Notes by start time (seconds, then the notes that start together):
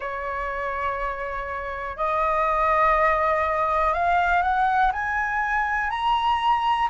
0.00 C#5
1.97 D#5
3.93 F5
4.42 F#5
4.92 G#5
5.90 A#5